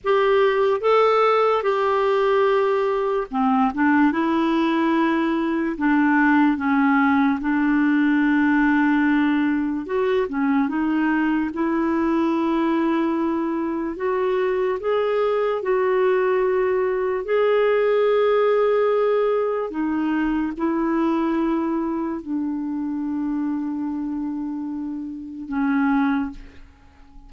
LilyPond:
\new Staff \with { instrumentName = "clarinet" } { \time 4/4 \tempo 4 = 73 g'4 a'4 g'2 | c'8 d'8 e'2 d'4 | cis'4 d'2. | fis'8 cis'8 dis'4 e'2~ |
e'4 fis'4 gis'4 fis'4~ | fis'4 gis'2. | dis'4 e'2 d'4~ | d'2. cis'4 | }